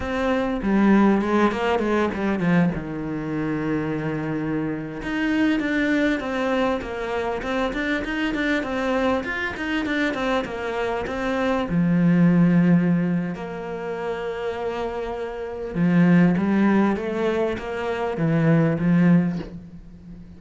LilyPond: \new Staff \with { instrumentName = "cello" } { \time 4/4 \tempo 4 = 99 c'4 g4 gis8 ais8 gis8 g8 | f8 dis2.~ dis8~ | dis16 dis'4 d'4 c'4 ais8.~ | ais16 c'8 d'8 dis'8 d'8 c'4 f'8 dis'16~ |
dis'16 d'8 c'8 ais4 c'4 f8.~ | f2 ais2~ | ais2 f4 g4 | a4 ais4 e4 f4 | }